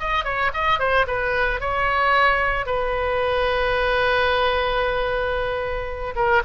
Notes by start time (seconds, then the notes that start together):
0.00 D#5
0.25 C#5
0.54 D#5
0.80 C5
1.08 B4
1.61 C#5
2.67 B4
6.16 A#4